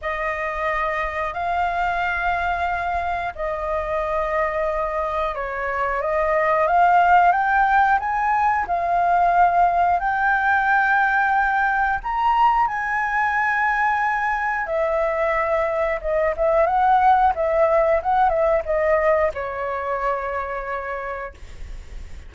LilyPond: \new Staff \with { instrumentName = "flute" } { \time 4/4 \tempo 4 = 90 dis''2 f''2~ | f''4 dis''2. | cis''4 dis''4 f''4 g''4 | gis''4 f''2 g''4~ |
g''2 ais''4 gis''4~ | gis''2 e''2 | dis''8 e''8 fis''4 e''4 fis''8 e''8 | dis''4 cis''2. | }